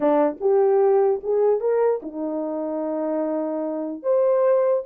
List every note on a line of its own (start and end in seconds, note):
0.00 0.37 D4
0.40 1.21 G4
1.23 1.60 G#4
1.60 2.00 A#4
2.02 4.02 D#4
4.02 4.83 C5